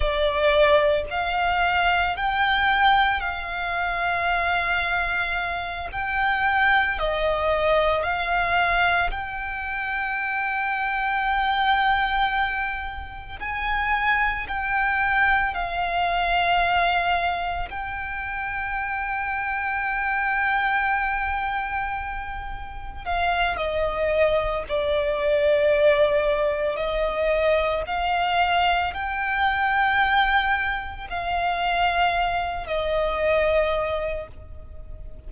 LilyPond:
\new Staff \with { instrumentName = "violin" } { \time 4/4 \tempo 4 = 56 d''4 f''4 g''4 f''4~ | f''4. g''4 dis''4 f''8~ | f''8 g''2.~ g''8~ | g''8 gis''4 g''4 f''4.~ |
f''8 g''2.~ g''8~ | g''4. f''8 dis''4 d''4~ | d''4 dis''4 f''4 g''4~ | g''4 f''4. dis''4. | }